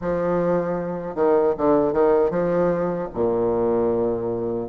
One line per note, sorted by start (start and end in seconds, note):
0.01 1.15 F3
1.15 1.54 D#3
1.57 1.92 D3
1.92 2.30 D#3
2.30 3.08 F3
3.14 4.68 A#2